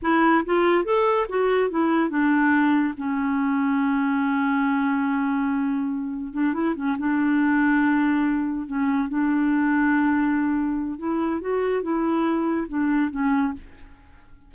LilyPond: \new Staff \with { instrumentName = "clarinet" } { \time 4/4 \tempo 4 = 142 e'4 f'4 a'4 fis'4 | e'4 d'2 cis'4~ | cis'1~ | cis'2. d'8 e'8 |
cis'8 d'2.~ d'8~ | d'8 cis'4 d'2~ d'8~ | d'2 e'4 fis'4 | e'2 d'4 cis'4 | }